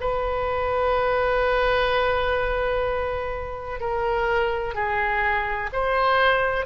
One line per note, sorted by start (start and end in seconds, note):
0.00 3.80 B4
3.80 4.74 A#4
4.74 5.70 G#4
5.73 6.66 C5